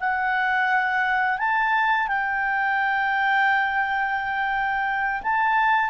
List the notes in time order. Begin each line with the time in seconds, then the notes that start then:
0.00 F#5
1.38 A5
2.08 G5
5.22 A5